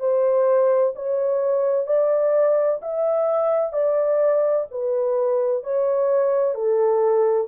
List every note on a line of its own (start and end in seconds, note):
0.00 0.94 C5
0.95 1.87 C#5
1.87 2.80 D5
2.82 3.73 E5
3.73 4.67 D5
4.71 5.64 B4
5.64 6.55 C#5
6.55 7.48 A4